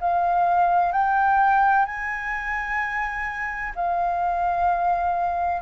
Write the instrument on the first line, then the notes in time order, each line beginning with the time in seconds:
flute
0.00 F5
0.92 G5
1.85 G#5
3.75 F5